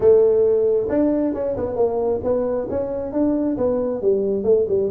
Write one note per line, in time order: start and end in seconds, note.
0.00 0.88 A3
0.89 1.33 D4
1.34 1.56 C#4
1.56 1.76 B3
1.76 2.20 A#3
2.23 2.67 B3
2.70 3.12 C#4
3.12 3.56 D4
3.57 4.01 B3
4.01 4.43 G3
4.43 4.65 A3
4.68 4.90 G3